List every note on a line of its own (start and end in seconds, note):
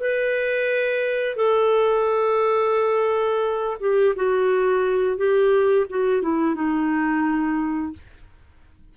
0.00 1.36 B4
1.36 3.77 A4
3.80 4.14 G4
4.16 5.17 F#4
5.17 5.86 G4
5.90 6.22 F#4
6.22 6.55 E4
6.55 7.93 D#4